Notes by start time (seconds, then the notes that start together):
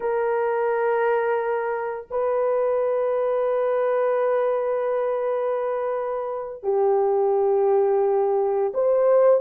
0.00 A#4
2.10 B4
6.63 G4
8.73 C5